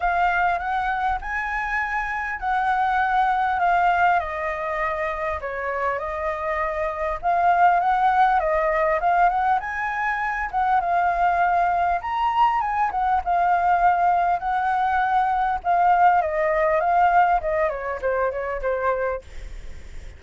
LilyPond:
\new Staff \with { instrumentName = "flute" } { \time 4/4 \tempo 4 = 100 f''4 fis''4 gis''2 | fis''2 f''4 dis''4~ | dis''4 cis''4 dis''2 | f''4 fis''4 dis''4 f''8 fis''8 |
gis''4. fis''8 f''2 | ais''4 gis''8 fis''8 f''2 | fis''2 f''4 dis''4 | f''4 dis''8 cis''8 c''8 cis''8 c''4 | }